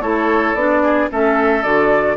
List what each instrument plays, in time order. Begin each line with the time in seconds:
0.00 bassoon A3, clarinet E4, oboe A4, flute C#5
0.55 bassoon B3, clarinet D4, flute D5
0.83 oboe G#4
1.11 bassoon A3, clarinet C#4, oboe A4, flute E5
1.63 bassoon D3, clarinet F#4, flute D5